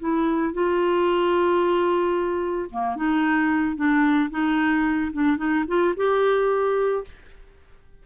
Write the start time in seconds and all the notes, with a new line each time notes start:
0.00 E4
0.54 F4
2.71 A#3
2.96 D#4
3.76 D4
4.31 D#4
5.13 D4
5.38 D#4
5.68 F4
5.97 G4